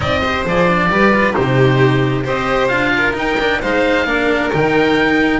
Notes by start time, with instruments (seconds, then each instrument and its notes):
0.00 double bass C4, cello D#4, violin D5, oboe D#5
0.20 cello G4, violin C5
0.45 double bass F3, cello G#4, oboe D5
0.68 cello D4
0.89 double bass G3, cello G4, violin B4
1.13 cello F4
1.33 double bass C3, cello D#4, violin G4, oboe C5
2.24 double bass C4, cello G4, violin C5, oboe D#5
2.68 double bass D4, cello F4, oboe F5
2.96 violin A#4
3.13 cello D#4, double bass D#4, oboe G5
3.40 cello D4
3.61 double bass G#3, cello D#4, violin C5, oboe F5
4.04 double bass A#3, cello D4, violin A#4
4.52 double bass D#3, cello D#4, oboe G5